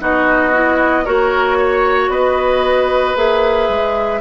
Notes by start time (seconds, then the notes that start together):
0.00 B3 D#4 F#4 D#5
0.53 E4
1.04 A#3 F#4 A#4 C#5
1.59 C#5
2.08 B3 B4 D#5
3.16 A#3 G#4 E5
3.69 G#3